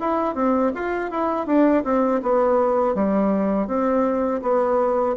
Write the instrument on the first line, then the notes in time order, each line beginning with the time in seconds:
bassoon
0.00 E4
0.35 C4
0.75 F4
1.11 E4
1.46 D4
1.84 C4
2.23 B3
2.95 G3
3.67 C4
4.42 B3